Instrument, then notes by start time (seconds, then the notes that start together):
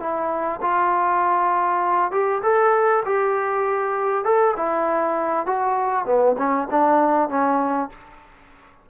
trombone
0.00 E4
0.62 F4
2.12 G4
2.43 A4
3.06 G4
4.25 A4
4.57 E4
5.47 F#4
6.06 B3
6.38 C#4
6.71 D4
7.29 C#4